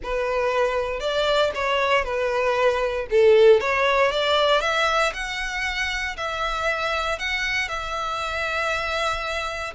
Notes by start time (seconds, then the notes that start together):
0.03 B4
1.00 D5
1.54 C#5
2.04 B4
3.10 A4
3.60 C#5
4.11 D5
4.61 E5
5.13 F#5
6.17 E5
7.18 F#5
7.68 E5